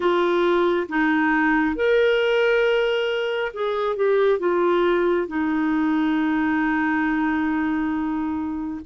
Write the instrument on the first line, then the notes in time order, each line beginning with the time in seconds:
clarinet
0.00 F4
0.88 D#4
1.75 A#4
3.53 G#4
3.96 G4
4.39 F4
5.27 D#4